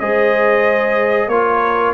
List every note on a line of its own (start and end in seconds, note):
0.00 1.28 G#3
0.00 1.30 G#4
0.00 1.30 C5
0.00 1.29 D#5
1.28 1.92 A#3
1.28 1.94 F4
1.28 1.94 A#4
1.28 1.94 C#5